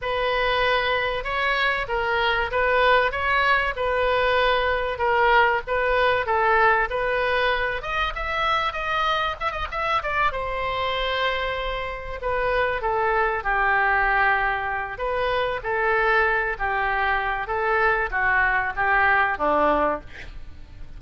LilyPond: \new Staff \with { instrumentName = "oboe" } { \time 4/4 \tempo 4 = 96 b'2 cis''4 ais'4 | b'4 cis''4 b'2 | ais'4 b'4 a'4 b'4~ | b'8 dis''8 e''4 dis''4 e''16 dis''16 e''8 |
d''8 c''2. b'8~ | b'8 a'4 g'2~ g'8 | b'4 a'4. g'4. | a'4 fis'4 g'4 d'4 | }